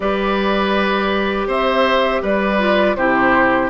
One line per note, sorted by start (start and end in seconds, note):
0.00 1.47 G3
0.00 2.59 G4
0.00 1.47 B4
0.00 1.47 D5
1.47 2.21 C4
1.47 2.21 C5
1.47 2.24 E5
2.22 2.95 G3
2.22 2.96 B4
2.22 2.95 D5
2.59 2.96 F4
2.95 3.69 C3
2.95 3.69 E4
2.95 3.69 G4
2.95 3.69 C5